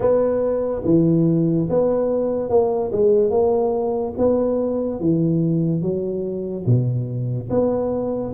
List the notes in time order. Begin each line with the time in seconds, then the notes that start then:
0.00 B3
0.84 E3
1.69 B3
2.49 A#3
2.92 G#3
3.30 A#3
4.17 B3
5.00 E3
5.82 F#3
6.66 B2
7.50 B3